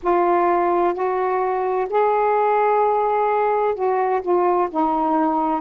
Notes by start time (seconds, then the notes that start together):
0.03 F4
0.94 F#4
1.89 G#4
3.75 F#4
4.21 F4
4.70 D#4